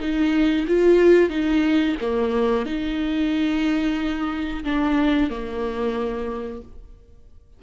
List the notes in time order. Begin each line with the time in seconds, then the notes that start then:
0.00 D#4
0.68 F4
1.30 D#4
2.01 A#3
2.66 D#4
4.64 D4
5.30 A#3